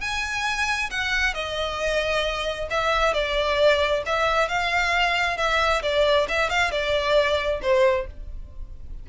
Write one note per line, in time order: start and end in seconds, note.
0.00 0.90 G#5
0.90 1.34 F#5
1.34 2.68 D#5
2.70 3.13 E5
3.13 4.03 D5
4.06 4.48 E5
4.48 5.37 F5
5.37 5.82 E5
5.82 6.27 D5
6.28 6.49 E5
6.49 6.71 F5
6.71 7.60 D5
7.62 8.06 C5